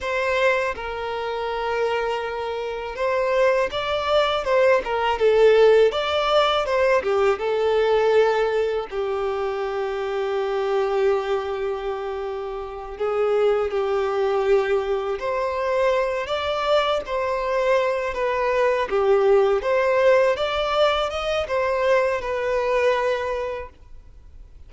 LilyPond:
\new Staff \with { instrumentName = "violin" } { \time 4/4 \tempo 4 = 81 c''4 ais'2. | c''4 d''4 c''8 ais'8 a'4 | d''4 c''8 g'8 a'2 | g'1~ |
g'4. gis'4 g'4.~ | g'8 c''4. d''4 c''4~ | c''8 b'4 g'4 c''4 d''8~ | d''8 dis''8 c''4 b'2 | }